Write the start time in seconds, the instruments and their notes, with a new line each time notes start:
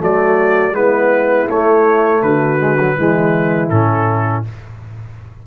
0.00 tuba F#3, trombone A3, horn F#4, trumpet D5
0.72 tuba G#3, trombone B3, horn E4, trumpet B4
1.49 tuba A3, trombone A3, trumpet C#5
2.22 tuba D3, horn F#4, trumpet B4
2.60 trombone G#3
2.80 trombone F#3
2.98 tuba E3, trombone G#3, horn E4
3.70 tuba A2, trombone C#4, trumpet A4